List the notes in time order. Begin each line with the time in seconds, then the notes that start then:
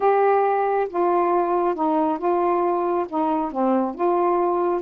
0.00 G4
0.89 F4
1.74 D#4
2.18 F4
3.08 D#4
3.51 C4
3.95 F4